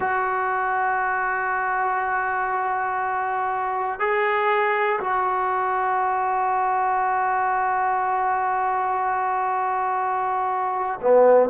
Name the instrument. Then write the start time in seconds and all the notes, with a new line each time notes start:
trombone
0.00 F#4
3.99 G#4
5.00 F#4
11.01 B3